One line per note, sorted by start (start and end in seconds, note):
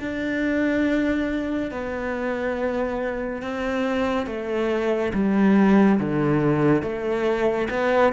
0.00 1.71 D4
1.71 3.42 B3
3.42 4.27 C4
4.27 5.12 A3
5.14 5.99 G3
6.00 6.83 D3
6.83 7.68 A3
7.70 8.13 B3